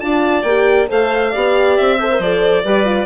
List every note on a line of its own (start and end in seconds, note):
0.00 0.44 D4
0.00 0.45 F4
0.00 0.89 D5
0.00 0.43 A5
0.43 0.88 A#3
0.43 0.89 G4
0.43 0.87 G5
0.89 1.35 A3
0.89 1.32 A4
0.89 1.31 C5
0.89 1.77 F5
1.31 1.79 B3
1.31 2.00 G4
1.31 1.97 D5
1.77 2.19 C4
1.77 2.21 E5
1.97 2.11 A4
1.97 2.63 C5
2.11 2.22 A#4
2.19 2.63 F3
2.19 2.65 A4
2.19 3.06 D5
2.64 3.06 G3
2.64 2.85 G4
2.64 3.06 B4
2.85 3.06 F4